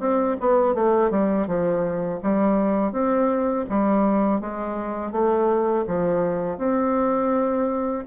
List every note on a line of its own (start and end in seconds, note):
0.00 0.37 C4
0.41 0.75 B3
0.75 1.11 A3
1.11 1.47 G3
1.47 2.20 F3
2.23 2.92 G3
2.92 3.66 C4
3.70 4.41 G3
4.41 5.12 G#3
5.12 5.85 A3
5.87 6.58 F3
6.58 8.05 C4